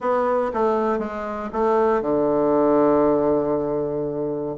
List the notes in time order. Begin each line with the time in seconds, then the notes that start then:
0.00 B3
0.53 A3
0.98 G#3
1.53 A3
2.01 D3